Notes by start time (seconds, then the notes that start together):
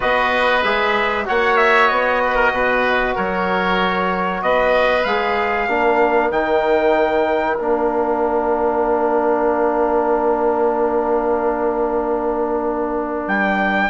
0.00 B3 F#4 B4 D#5
0.63 G#3 G#4 E5
1.25 A#3 F#4 C#5 F#5
1.56 E5
1.88 B3 D#5
2.24 B4
2.35 A#4
2.52 B2 B4
3.15 F#3 A#4 C#5
4.42 B3 B4 D#5
5.04 G#3 G#4 F5
5.68 A#3 D4 A#4
6.31 D#3 D#4 G5
7.57 A#3 D4 F5
13.27 G3 G5